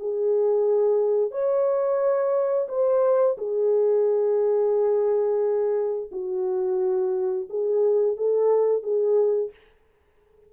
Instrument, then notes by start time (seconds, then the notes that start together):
horn
0.00 G#4
1.31 C#5
2.69 C5
3.38 G#4
6.12 F#4
7.50 G#4
8.18 A4
8.83 G#4